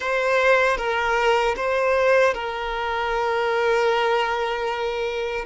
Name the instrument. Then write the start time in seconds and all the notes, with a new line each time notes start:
violin
0.00 C5
0.77 A#4
1.56 C5
2.33 A#4